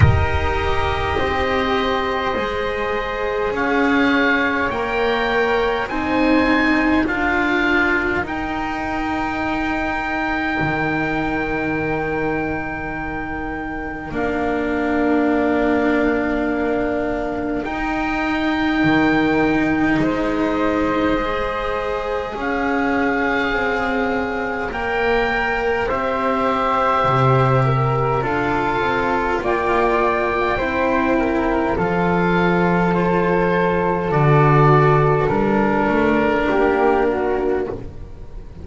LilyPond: <<
  \new Staff \with { instrumentName = "oboe" } { \time 4/4 \tempo 4 = 51 dis''2. f''4 | g''4 gis''4 f''4 g''4~ | g''1 | f''2. g''4~ |
g''4 dis''2 f''4~ | f''4 g''4 e''2 | f''4 g''2 f''4 | c''4 d''4 ais'2 | }
  \new Staff \with { instrumentName = "flute" } { \time 4/4 ais'4 c''2 cis''4~ | cis''4 c''4 ais'2~ | ais'1~ | ais'1~ |
ais'4 c''2 cis''4~ | cis''2 c''4. ais'8 | a'4 d''4 c''8 ais'8 a'4~ | a'2. g'8 fis'8 | }
  \new Staff \with { instrumentName = "cello" } { \time 4/4 g'2 gis'2 | ais'4 dis'4 f'4 dis'4~ | dis'1 | d'2. dis'4~ |
dis'2 gis'2~ | gis'4 ais'4 g'2 | f'2 e'4 f'4~ | f'4 fis'4 d'2 | }
  \new Staff \with { instrumentName = "double bass" } { \time 4/4 dis'4 c'4 gis4 cis'4 | ais4 c'4 d'4 dis'4~ | dis'4 dis2. | ais2. dis'4 |
dis4 gis2 cis'4 | c'4 ais4 c'4 c4 | d'8 c'8 ais4 c'4 f4~ | f4 d4 g8 a8 ais4 | }
>>